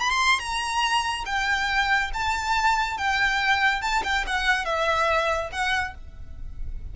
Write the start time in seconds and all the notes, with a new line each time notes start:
0.00 B5
0.10 C6
0.39 A#5
1.26 G5
2.14 A5
2.97 G5
3.82 A5
4.04 G5
4.27 F#5
4.65 E5
5.52 F#5